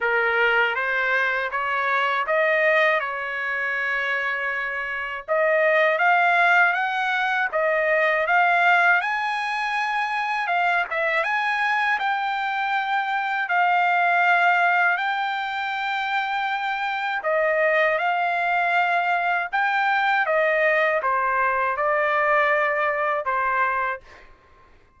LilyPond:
\new Staff \with { instrumentName = "trumpet" } { \time 4/4 \tempo 4 = 80 ais'4 c''4 cis''4 dis''4 | cis''2. dis''4 | f''4 fis''4 dis''4 f''4 | gis''2 f''8 e''8 gis''4 |
g''2 f''2 | g''2. dis''4 | f''2 g''4 dis''4 | c''4 d''2 c''4 | }